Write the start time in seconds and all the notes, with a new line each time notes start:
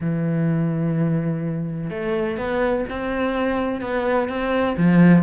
0.00 E3
1.90 A3
2.37 B3
2.89 C4
3.81 B3
4.29 C4
4.77 F3